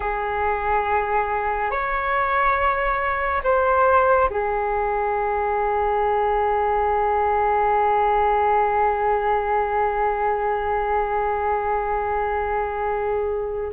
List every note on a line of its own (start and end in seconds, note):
0.00 1.70 G#4
1.70 3.42 C#5
3.43 4.29 C5
4.30 13.73 G#4